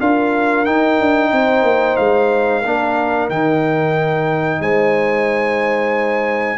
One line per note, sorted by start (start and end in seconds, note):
0.00 0.66 D4
0.00 0.65 F4
0.00 1.30 A#4
0.00 0.65 F5
0.65 2.63 D#4
0.65 0.99 D#4
0.65 1.96 G5
1.00 1.32 D4
1.30 1.62 C4
1.30 2.61 C5
1.62 1.95 A#3
1.96 2.64 G#3
1.96 3.28 F5
2.61 3.29 A#3
2.61 3.30 D4
2.61 4.59 A#4
3.29 4.60 D#3
3.29 6.58 D#4
3.29 4.61 G5
4.60 6.58 G#3
4.60 6.58 C5
4.60 6.58 G#5